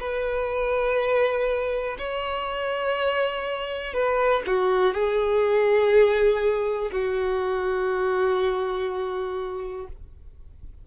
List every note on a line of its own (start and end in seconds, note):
0.00 1.97 B4
1.98 3.93 C#5
3.93 4.43 B4
4.47 4.94 F#4
4.94 6.91 G#4
6.92 9.87 F#4